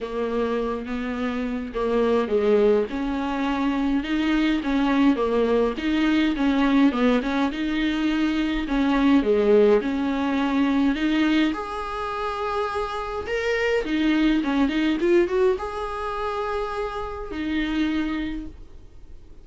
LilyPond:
\new Staff \with { instrumentName = "viola" } { \time 4/4 \tempo 4 = 104 ais4. b4. ais4 | gis4 cis'2 dis'4 | cis'4 ais4 dis'4 cis'4 | b8 cis'8 dis'2 cis'4 |
gis4 cis'2 dis'4 | gis'2. ais'4 | dis'4 cis'8 dis'8 f'8 fis'8 gis'4~ | gis'2 dis'2 | }